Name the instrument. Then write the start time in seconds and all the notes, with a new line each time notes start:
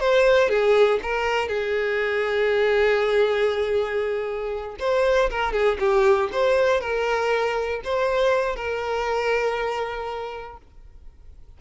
violin
0.00 C5
0.49 G#4
1.03 A#4
1.49 G#4
4.80 C5
5.30 A#4
5.53 G#4
5.80 G4
6.33 C5
6.81 A#4
7.84 C5
8.56 A#4